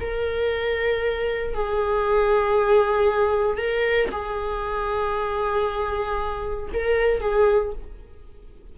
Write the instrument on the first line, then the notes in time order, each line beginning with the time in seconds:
viola
0.00 A#4
1.54 G#4
3.57 A#4
4.11 G#4
6.73 A#4
7.20 G#4